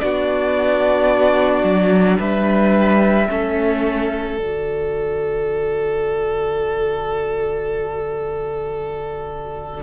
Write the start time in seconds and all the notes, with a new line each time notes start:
0.00 B3 D4 F#4 D5
1.64 F#3
2.19 G3 B4 E5
3.29 A3 C#4 A4
4.38 D3 F#4 D5